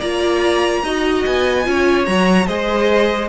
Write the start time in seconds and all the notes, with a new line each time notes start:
0.00 A#3 F4 D5 A#5
0.83 D#4 F#4 D#5
1.26 B3 G#5
1.64 C#4 F4 C#5
2.06 F#3 F#4 A#5
2.47 G#3 G#4 C5 D#5